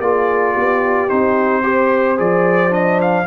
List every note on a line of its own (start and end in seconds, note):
0.00 0.55 A#3
0.00 1.09 F4
0.00 0.53 G#4
0.00 1.09 D5
0.53 1.10 B3
0.53 1.62 G4
1.09 2.19 C4
1.09 1.63 D#4
1.09 2.18 C5
1.63 2.17 G4
1.63 3.27 C5
2.17 3.27 F3
2.17 2.70 G#4
2.17 2.73 D5
2.70 3.25 D4
2.70 3.00 D#5
3.01 3.27 F5